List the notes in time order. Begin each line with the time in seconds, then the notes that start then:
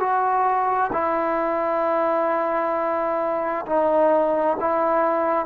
0.00 F#4
0.93 E4
3.66 D#4
4.60 E4